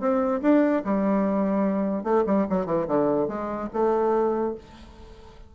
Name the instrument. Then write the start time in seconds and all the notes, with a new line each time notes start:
bassoon
0.00 C4
0.42 D4
0.84 G3
2.04 A3
2.27 G3
2.50 F#3
2.66 E3
2.88 D3
3.28 G#3
3.73 A3